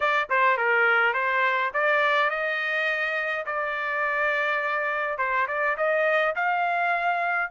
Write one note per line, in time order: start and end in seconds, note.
0.00 0.29 D5
0.29 0.57 C5
0.57 1.13 A#4
1.13 1.71 C5
1.73 2.30 D5
2.30 3.45 D#5
3.46 5.18 D5
5.18 5.47 C5
5.47 5.76 D5
5.77 6.35 D#5
6.35 7.51 F5